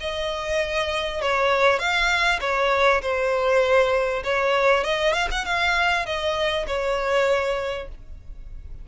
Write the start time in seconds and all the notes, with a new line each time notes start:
0.00 D#5
1.21 C#5
1.79 F5
2.40 C#5
3.01 C5
4.23 C#5
4.83 D#5
5.13 F5
5.31 F#5
5.45 F5
6.05 D#5
6.67 C#5